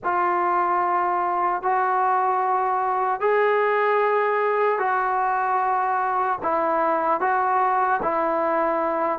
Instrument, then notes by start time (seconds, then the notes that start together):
trombone
0.03 F4
1.62 F#4
3.20 G#4
4.78 F#4
6.43 E4
7.20 F#4
8.02 E4